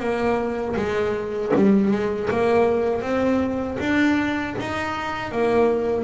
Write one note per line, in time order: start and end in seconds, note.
0.00 0.76 A#3
0.77 1.53 G#3
1.56 1.92 G3
1.92 2.30 G#3
2.31 3.02 A#3
3.02 3.78 C4
3.80 4.56 D4
4.61 5.32 D#4
5.32 6.05 A#3